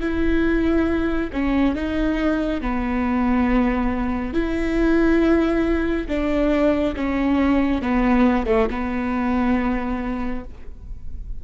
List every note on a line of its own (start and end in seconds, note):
0.00 1.30 E4
1.32 1.75 C#4
1.75 2.61 D#4
2.61 4.33 B3
4.33 6.07 E4
6.08 6.95 D4
6.96 7.81 C#4
7.81 8.46 B3
8.46 8.68 A3
8.70 10.44 B3